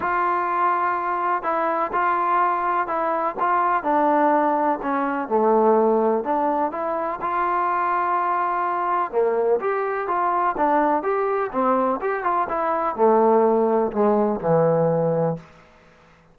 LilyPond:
\new Staff \with { instrumentName = "trombone" } { \time 4/4 \tempo 4 = 125 f'2. e'4 | f'2 e'4 f'4 | d'2 cis'4 a4~ | a4 d'4 e'4 f'4~ |
f'2. ais4 | g'4 f'4 d'4 g'4 | c'4 g'8 f'8 e'4 a4~ | a4 gis4 e2 | }